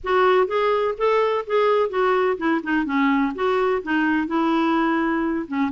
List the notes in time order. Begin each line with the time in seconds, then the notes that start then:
0.03 F#4
0.47 G#4
0.97 A4
1.46 G#4
1.89 F#4
2.37 E4
2.63 D#4
2.85 C#4
3.34 F#4
3.82 D#4
4.27 E4
5.47 C#4